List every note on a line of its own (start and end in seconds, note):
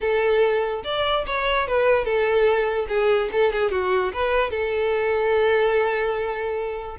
0.01 0.83 A4
0.84 1.25 D5
1.26 1.67 C#5
1.67 2.04 B4
2.04 2.87 A4
2.88 3.29 G#4
3.32 3.52 A4
3.52 3.71 G#4
3.71 4.12 F#4
4.13 4.50 B4
4.50 6.97 A4